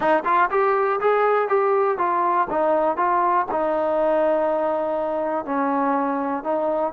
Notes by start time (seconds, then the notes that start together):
0.00 D#4
0.25 F4
0.50 G4
1.00 G#4
1.48 G4
1.97 F4
2.50 D#4
2.96 F4
3.51 D#4
5.45 C#4
6.43 D#4